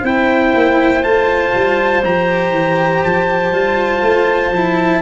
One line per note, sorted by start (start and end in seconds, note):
0.00 0.53 C4
0.00 1.03 E4
0.00 5.00 C5
0.00 1.03 G5
0.54 1.04 A#3
1.03 1.54 A3
1.03 2.03 F4
1.03 2.03 A5
1.54 2.04 G3
2.04 2.50 F3
2.04 3.53 G4
2.04 3.03 A#5
2.50 3.00 E3
3.03 3.52 F3
3.03 5.02 A5
3.52 4.01 G3
3.52 4.53 F4
4.01 4.51 A3
4.51 5.01 F3
4.51 5.02 E4